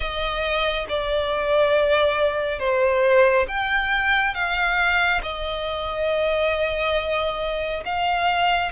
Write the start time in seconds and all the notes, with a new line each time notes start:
0.00 D#5
0.88 D5
2.59 C5
3.48 G5
4.34 F5
5.23 D#5
7.85 F5